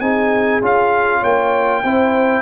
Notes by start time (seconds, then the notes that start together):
0.00 C4 D#4 G#4 G#5
0.61 C#4 F4 F5
1.20 A#3 C#5 G5
1.83 C4 E4 C5